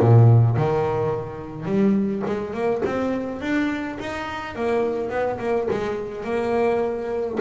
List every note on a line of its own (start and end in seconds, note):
0.00 0.57 A#2
0.57 1.65 D#3
1.65 2.23 G3
2.26 2.54 G#3
2.54 2.83 A#3
2.86 3.41 C4
3.41 3.98 D4
4.00 4.56 D#4
4.56 5.10 A#3
5.10 5.39 B3
5.39 5.68 A#3
5.71 6.24 G#3
6.24 7.39 A#3